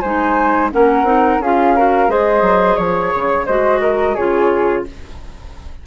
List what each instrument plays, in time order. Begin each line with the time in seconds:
0.00 bassoon G#3, clarinet D#4, flute C5 G#5
0.72 bassoon A#3, clarinet C#4, flute A#4 F#5
1.03 bassoon C4, clarinet D#4
1.39 bassoon C#4, clarinet F4, flute G#4 F5
1.76 clarinet F#4, flute A#4
2.08 bassoon G#3, clarinet G#4, flute C5 D#5
2.41 bassoon F#3
2.76 bassoon F3, flute C#5
3.14 bassoon C#3
3.46 bassoon G#3, clarinet F#4, flute C5 D#5
3.81 flute A#4
4.14 bassoon C#3, clarinet F4, flute G#4 C#5